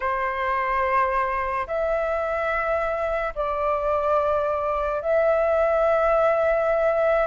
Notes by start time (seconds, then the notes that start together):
0.00 C5
1.67 E5
3.35 D5
5.01 E5